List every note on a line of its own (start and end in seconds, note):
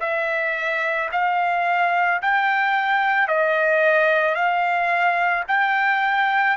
0.00 1.09 E5
1.12 2.21 F5
2.22 3.28 G5
3.28 4.34 D#5
4.34 5.43 F5
5.47 6.57 G5